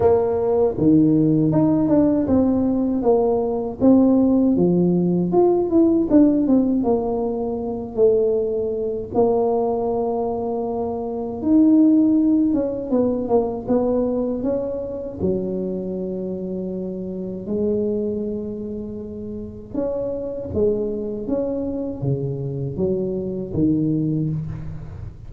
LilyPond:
\new Staff \with { instrumentName = "tuba" } { \time 4/4 \tempo 4 = 79 ais4 dis4 dis'8 d'8 c'4 | ais4 c'4 f4 f'8 e'8 | d'8 c'8 ais4. a4. | ais2. dis'4~ |
dis'8 cis'8 b8 ais8 b4 cis'4 | fis2. gis4~ | gis2 cis'4 gis4 | cis'4 cis4 fis4 dis4 | }